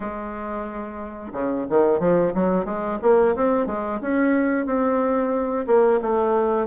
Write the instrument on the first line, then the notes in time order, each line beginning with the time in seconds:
bassoon
0.00 G#3
1.32 C#3
1.69 D#3
1.99 F3
2.34 F#3
2.65 G#3
3.02 A#3
3.35 C4
3.66 G#3
4.01 C#4
4.66 C4
5.66 A#3
6.01 A3